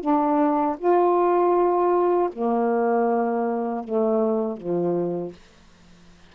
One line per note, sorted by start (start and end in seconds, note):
0.00 0.76 D4
0.77 2.29 F4
2.32 3.84 A#3
3.84 4.56 A3
4.56 5.32 F3